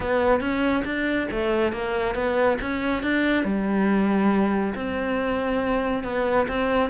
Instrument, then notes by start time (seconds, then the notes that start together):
cello
0.00 B3
0.40 C#4
0.84 D4
1.31 A3
1.72 A#3
2.14 B3
2.61 C#4
3.02 D4
3.44 G3
4.74 C4
6.03 B3
6.47 C4